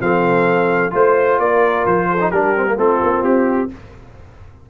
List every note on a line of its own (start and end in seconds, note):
0.00 0.92 F3
0.00 0.90 C4
0.00 0.94 A4
0.00 0.93 F5
0.90 1.39 A3
0.90 2.17 F4
0.90 1.39 C5
0.90 1.40 C5
1.39 1.85 A#3
1.39 2.08 A#4
1.39 1.86 D5
1.86 2.32 F3
1.86 2.31 C5
2.11 2.30 A4
2.20 2.32 D#4
2.30 2.77 G3
2.30 2.56 D4
2.30 2.76 G4
2.30 2.77 A#4
2.56 2.66 C4
2.66 2.77 A#3
2.77 3.00 A3
2.77 3.69 C4
2.77 3.69 F4
2.77 3.24 A4
3.03 3.23 A#3
3.23 3.69 C4
3.23 3.70 G4